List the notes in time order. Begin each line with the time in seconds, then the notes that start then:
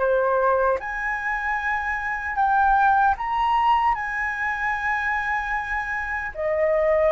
0.00 C5
0.80 G#5
2.36 G5
3.18 A#5
3.95 G#5
6.35 D#5